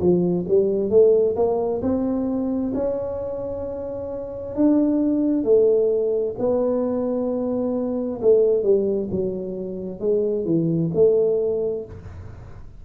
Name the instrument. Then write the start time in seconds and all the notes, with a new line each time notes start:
tuba
0.00 F3
0.48 G3
0.90 A3
1.36 A#3
1.82 C4
2.74 C#4
4.55 D4
5.44 A3
6.39 B3
8.22 A3
8.63 G3
9.11 F#3
10.00 G#3
10.45 E3
10.94 A3